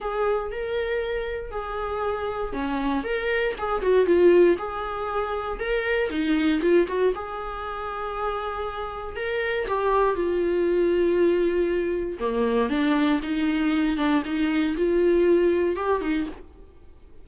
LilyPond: \new Staff \with { instrumentName = "viola" } { \time 4/4 \tempo 4 = 118 gis'4 ais'2 gis'4~ | gis'4 cis'4 ais'4 gis'8 fis'8 | f'4 gis'2 ais'4 | dis'4 f'8 fis'8 gis'2~ |
gis'2 ais'4 g'4 | f'1 | ais4 d'4 dis'4. d'8 | dis'4 f'2 g'8 dis'8 | }